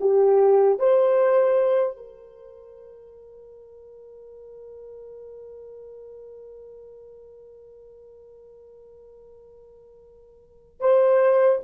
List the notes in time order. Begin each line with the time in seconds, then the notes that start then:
0.00 G4
0.79 C5
1.96 A#4
10.80 C5